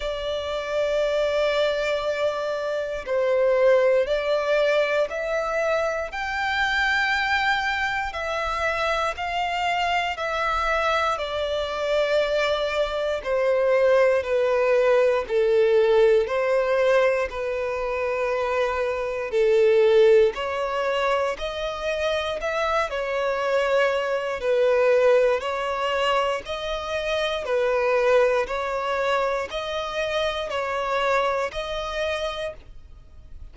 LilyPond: \new Staff \with { instrumentName = "violin" } { \time 4/4 \tempo 4 = 59 d''2. c''4 | d''4 e''4 g''2 | e''4 f''4 e''4 d''4~ | d''4 c''4 b'4 a'4 |
c''4 b'2 a'4 | cis''4 dis''4 e''8 cis''4. | b'4 cis''4 dis''4 b'4 | cis''4 dis''4 cis''4 dis''4 | }